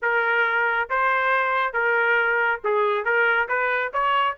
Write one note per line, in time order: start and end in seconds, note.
0.02 0.89 A#4
0.89 1.73 C5
1.73 2.60 A#4
2.63 3.04 G#4
3.04 3.48 A#4
3.48 3.92 B4
3.93 4.36 C#5